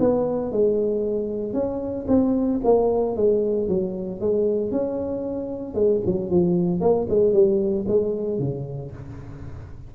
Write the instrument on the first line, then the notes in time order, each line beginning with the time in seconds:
tuba
0.00 B3
0.51 G#3
1.53 C#4
2.08 C4
2.64 A#3
3.16 G#3
3.68 F#3
4.21 G#3
4.71 C#4
5.74 G#3
6.06 F#3
6.30 F3
6.81 A#3
7.09 G#3
7.33 G3
7.88 G#3
8.39 C#3